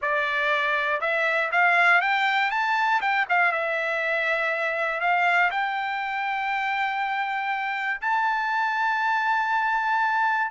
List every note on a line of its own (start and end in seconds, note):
0.01 1.00 D5
1.00 1.50 E5
1.51 2.01 F5
2.01 2.50 G5
2.50 3.00 A5
3.01 3.26 G5
3.29 3.52 F5
3.52 5.00 E5
5.00 5.50 F5
5.50 8.00 G5
8.01 10.50 A5